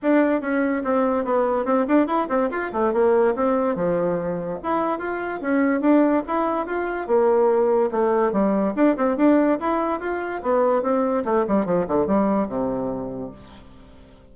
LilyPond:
\new Staff \with { instrumentName = "bassoon" } { \time 4/4 \tempo 4 = 144 d'4 cis'4 c'4 b4 | c'8 d'8 e'8 c'8 f'8 a8 ais4 | c'4 f2 e'4 | f'4 cis'4 d'4 e'4 |
f'4 ais2 a4 | g4 d'8 c'8 d'4 e'4 | f'4 b4 c'4 a8 g8 | f8 d8 g4 c2 | }